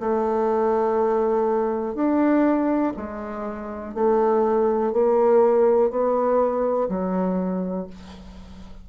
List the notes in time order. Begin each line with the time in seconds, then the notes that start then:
0.00 A3
1.94 D4
2.96 G#3
3.94 A3
4.93 A#3
5.90 B3
6.89 F#3